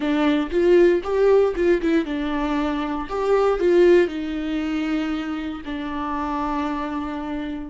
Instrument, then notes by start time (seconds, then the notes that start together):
viola
0.00 D4
0.50 F4
1.03 G4
1.55 F4
1.81 E4
2.05 D4
3.09 G4
3.59 F4
4.07 D#4
5.65 D4